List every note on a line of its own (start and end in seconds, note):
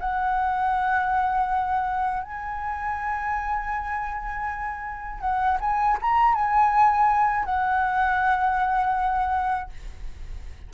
0.00 2.23 F#5
2.23 5.20 G#5
5.20 5.57 F#5
5.60 5.98 G#5
6.01 6.34 A#5
6.34 7.45 G#5
7.45 9.70 F#5